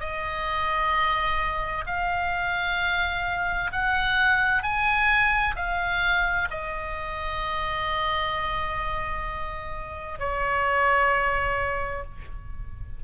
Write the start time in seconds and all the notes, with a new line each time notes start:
0.00 D#5
1.87 F5
3.72 F#5
4.63 G#5
5.56 F5
6.51 D#5
10.20 C#5